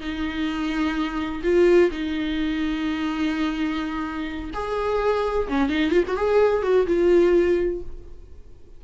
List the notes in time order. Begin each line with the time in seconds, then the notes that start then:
0.00 D#4
1.43 F4
1.91 D#4
4.53 G#4
5.48 C#4
5.69 D#4
5.91 F4
6.07 F#4
6.16 G#4
6.62 F#4
6.86 F4